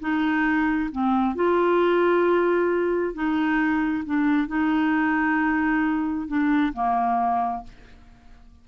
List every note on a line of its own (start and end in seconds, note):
0.00 0.90 D#4
0.92 1.35 C4
1.35 3.14 F4
3.14 4.04 D#4
4.05 4.48 D4
4.48 6.28 D#4
6.28 6.73 D4
6.73 7.64 A#3